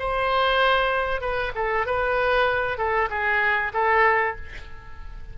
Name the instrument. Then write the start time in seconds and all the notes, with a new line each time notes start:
oboe
0.00 C5
1.22 B4
1.55 A4
1.87 B4
2.78 A4
3.10 G#4
3.74 A4